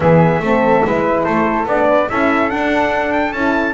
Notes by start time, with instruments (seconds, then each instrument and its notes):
0.00 double bass E3, horn B3, flute G#4, trumpet E5
0.39 double bass A3, horn C4, flute A4
0.84 double bass G#3, horn E4, flute B4
1.23 double bass A3, flute A4, trumpet C5
1.65 double bass B3, horn D4, trumpet D5
1.88 flute B4
2.08 double bass C#4, horn E4, flute A4, trumpet E5
2.49 horn D4, double bass D4, trumpet F#5
3.12 trumpet G5
3.32 double bass C#4, horn E4, trumpet A5